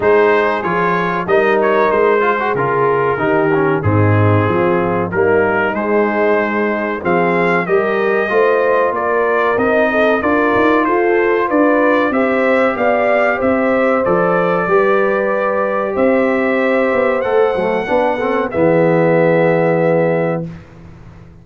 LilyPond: <<
  \new Staff \with { instrumentName = "trumpet" } { \time 4/4 \tempo 4 = 94 c''4 cis''4 dis''8 cis''8 c''4 | ais'2 gis'2 | ais'4 c''2 f''4 | dis''2 d''4 dis''4 |
d''4 c''4 d''4 e''4 | f''4 e''4 d''2~ | d''4 e''2 fis''4~ | fis''4 e''2. | }
  \new Staff \with { instrumentName = "horn" } { \time 4/4 gis'2 ais'4. gis'8~ | gis'4 g'4 dis'4 f'4 | dis'2. gis'4 | ais'4 c''4 ais'4. a'8 |
ais'4 a'4 b'4 c''4 | d''4 c''2 b'4~ | b'4 c''2. | b'8 a'8 gis'2. | }
  \new Staff \with { instrumentName = "trombone" } { \time 4/4 dis'4 f'4 dis'4. f'16 fis'16 | f'4 dis'8 cis'8 c'2 | ais4 gis2 c'4 | g'4 f'2 dis'4 |
f'2. g'4~ | g'2 a'4 g'4~ | g'2. a'8 a8 | d'8 c'8 b2. | }
  \new Staff \with { instrumentName = "tuba" } { \time 4/4 gis4 f4 g4 gis4 | cis4 dis4 gis,4 f4 | g4 gis2 f4 | g4 a4 ais4 c'4 |
d'8 dis'8 f'4 d'4 c'4 | b4 c'4 f4 g4~ | g4 c'4. b8 a8 fis8 | b4 e2. | }
>>